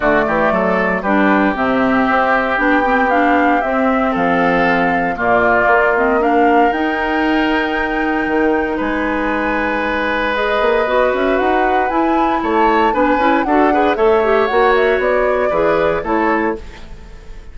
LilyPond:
<<
  \new Staff \with { instrumentName = "flute" } { \time 4/4 \tempo 4 = 116 d''2 b'4 e''4~ | e''4 g''4 f''4 e''4 | f''2 d''4. dis''8 | f''4 g''2.~ |
g''4 gis''2. | dis''4. e''8 fis''4 gis''4 | a''4 gis''4 fis''4 e''4 | fis''8 e''8 d''2 cis''4 | }
  \new Staff \with { instrumentName = "oboe" } { \time 4/4 fis'8 g'8 a'4 g'2~ | g'1 | a'2 f'2 | ais'1~ |
ais'4 b'2.~ | b'1 | cis''4 b'4 a'8 b'8 cis''4~ | cis''2 b'4 a'4 | }
  \new Staff \with { instrumentName = "clarinet" } { \time 4/4 a2 d'4 c'4~ | c'4 d'8 c'8 d'4 c'4~ | c'2 ais4. c'8 | d'4 dis'2.~ |
dis'1 | gis'4 fis'2 e'4~ | e'4 d'8 e'8 fis'8 gis'8 a'8 g'8 | fis'2 gis'4 e'4 | }
  \new Staff \with { instrumentName = "bassoon" } { \time 4/4 d8 e8 fis4 g4 c4 | c'4 b2 c'4 | f2 ais,4 ais4~ | ais4 dis'2. |
dis4 gis2.~ | gis8 ais8 b8 cis'8 dis'4 e'4 | a4 b8 cis'8 d'4 a4 | ais4 b4 e4 a4 | }
>>